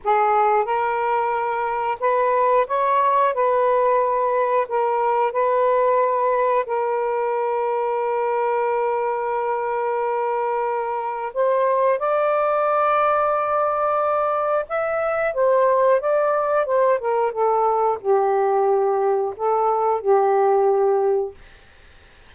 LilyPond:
\new Staff \with { instrumentName = "saxophone" } { \time 4/4 \tempo 4 = 90 gis'4 ais'2 b'4 | cis''4 b'2 ais'4 | b'2 ais'2~ | ais'1~ |
ais'4 c''4 d''2~ | d''2 e''4 c''4 | d''4 c''8 ais'8 a'4 g'4~ | g'4 a'4 g'2 | }